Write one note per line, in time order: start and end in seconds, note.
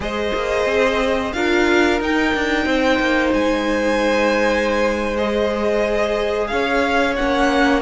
0.00 0.32 G#3
0.00 1.33 G#4
0.00 1.35 C5
0.00 1.32 D#5
0.34 0.65 A#3
0.65 1.32 C4
1.32 2.00 D4
1.32 2.01 F4
1.32 2.65 A#4
1.32 1.99 F5
2.00 2.33 D#4
2.00 5.16 D#4
2.00 3.33 G5
2.34 2.65 D4
2.65 2.99 C4
2.65 6.48 C5
2.99 3.32 A#3
3.33 6.50 G#3
3.33 5.16 G#5
5.16 7.16 G#4
5.16 6.47 D#5
6.47 7.18 C#4
6.47 7.82 C#5
6.47 7.13 F5
7.15 7.82 A#3
7.15 7.82 C#4
7.15 7.82 F#5